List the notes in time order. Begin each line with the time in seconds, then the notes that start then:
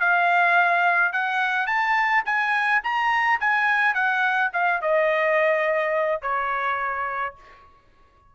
0.00 F5
1.13 F#5
1.67 A5
2.25 G#5
2.84 A#5
3.40 G#5
3.94 F#5
4.53 F5
4.81 D#5
6.22 C#5